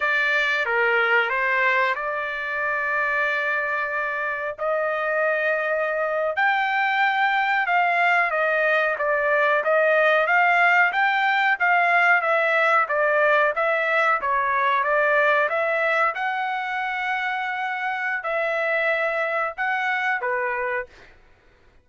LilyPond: \new Staff \with { instrumentName = "trumpet" } { \time 4/4 \tempo 4 = 92 d''4 ais'4 c''4 d''4~ | d''2. dis''4~ | dis''4.~ dis''16 g''2 f''16~ | f''8. dis''4 d''4 dis''4 f''16~ |
f''8. g''4 f''4 e''4 d''16~ | d''8. e''4 cis''4 d''4 e''16~ | e''8. fis''2.~ fis''16 | e''2 fis''4 b'4 | }